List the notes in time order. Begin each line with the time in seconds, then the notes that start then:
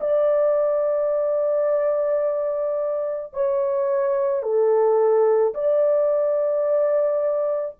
0.00 D5
3.33 C#5
4.43 A4
5.54 D5